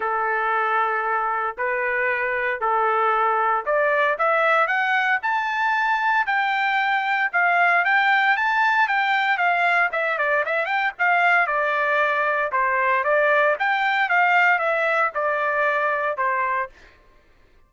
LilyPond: \new Staff \with { instrumentName = "trumpet" } { \time 4/4 \tempo 4 = 115 a'2. b'4~ | b'4 a'2 d''4 | e''4 fis''4 a''2 | g''2 f''4 g''4 |
a''4 g''4 f''4 e''8 d''8 | e''8 g''8 f''4 d''2 | c''4 d''4 g''4 f''4 | e''4 d''2 c''4 | }